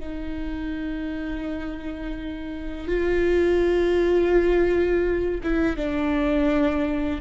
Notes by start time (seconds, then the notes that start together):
0.00 D#4
2.88 F4
5.43 E4
5.77 D4